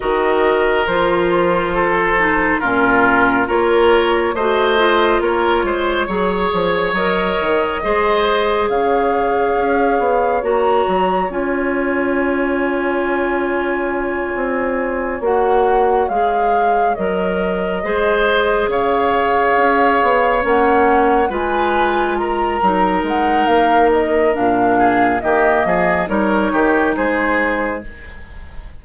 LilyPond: <<
  \new Staff \with { instrumentName = "flute" } { \time 4/4 \tempo 4 = 69 dis''4 c''2 ais'4 | cis''4 dis''4 cis''2 | dis''2 f''2 | ais''4 gis''2.~ |
gis''4. fis''4 f''4 dis''8~ | dis''4. f''2 fis''8~ | fis''8 gis''4 ais''4 fis''8 f''8 dis''8 | f''4 dis''4 cis''4 c''4 | }
  \new Staff \with { instrumentName = "oboe" } { \time 4/4 ais'2 a'4 f'4 | ais'4 c''4 ais'8 c''8 cis''4~ | cis''4 c''4 cis''2~ | cis''1~ |
cis''1~ | cis''8 c''4 cis''2~ cis''8~ | cis''8 b'4 ais'2~ ais'8~ | ais'8 gis'8 g'8 gis'8 ais'8 g'8 gis'4 | }
  \new Staff \with { instrumentName = "clarinet" } { \time 4/4 fis'4 f'4. dis'8 cis'4 | f'4 fis'8 f'4. gis'4 | ais'4 gis'2. | fis'4 f'2.~ |
f'4. fis'4 gis'4 ais'8~ | ais'8 gis'2. cis'8~ | cis'8 f'4. dis'2 | d'4 ais4 dis'2 | }
  \new Staff \with { instrumentName = "bassoon" } { \time 4/4 dis4 f2 ais,4 | ais4 a4 ais8 gis8 fis8 f8 | fis8 dis8 gis4 cis4 cis'8 b8 | ais8 fis8 cis'2.~ |
cis'8 c'4 ais4 gis4 fis8~ | fis8 gis4 cis4 cis'8 b8 ais8~ | ais8 gis4. fis8 gis8 ais4 | ais,4 dis8 f8 g8 dis8 gis4 | }
>>